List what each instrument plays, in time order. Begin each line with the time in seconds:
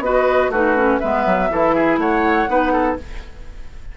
0.00 bassoon B3, clarinet F#4, oboe B4, flute D#5
0.50 bassoon A3, clarinet D#4, oboe F#4, flute B4
0.76 clarinet C#4
1.00 bassoon G#3, clarinet B3, oboe B4, flute E5
1.26 bassoon F#3
1.50 bassoon E3, clarinet E4, oboe A4
1.75 oboe G#4
1.98 bassoon A3, oboe C#5, flute F#5
2.48 bassoon B3, clarinet D#4, oboe B4
2.73 oboe A4